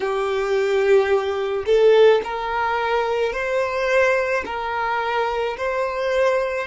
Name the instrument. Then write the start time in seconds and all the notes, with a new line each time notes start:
violin
0.00 G4
1.66 A4
2.24 A#4
3.32 C5
4.45 A#4
5.57 C5